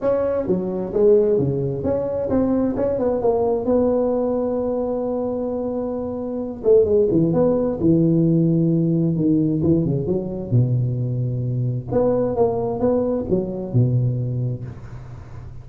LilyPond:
\new Staff \with { instrumentName = "tuba" } { \time 4/4 \tempo 4 = 131 cis'4 fis4 gis4 cis4 | cis'4 c'4 cis'8 b8 ais4 | b1~ | b2~ b8 a8 gis8 e8 |
b4 e2. | dis4 e8 cis8 fis4 b,4~ | b,2 b4 ais4 | b4 fis4 b,2 | }